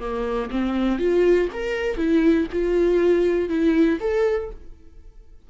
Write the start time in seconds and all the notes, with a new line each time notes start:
0.00 A#3
0.51 C4
0.99 F4
1.53 A#4
1.97 E4
2.52 F4
3.49 E4
4.00 A4